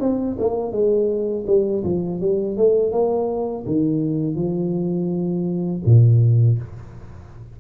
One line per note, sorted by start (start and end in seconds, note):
0.00 0.37 C4
0.39 0.72 A#3
0.72 1.45 G#3
1.47 1.83 G3
1.84 2.21 F3
2.21 2.57 G3
2.57 2.92 A3
2.92 3.65 A#3
3.66 4.36 D#3
4.36 5.82 F3
5.85 6.59 A#2